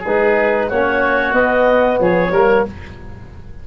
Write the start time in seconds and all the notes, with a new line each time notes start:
0.00 G#3 G#4 B4
0.06 D#4
0.69 A#3 C#4 F#4 C#5
1.33 B3 D#5
2.00 F3 G#4 C#5
2.31 G3 A#3 A#4